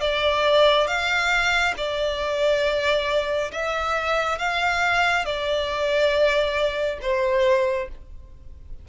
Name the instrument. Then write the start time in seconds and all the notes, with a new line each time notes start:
violin
0.00 D5
0.87 F5
1.77 D5
3.51 E5
4.38 F5
5.25 D5
7.01 C5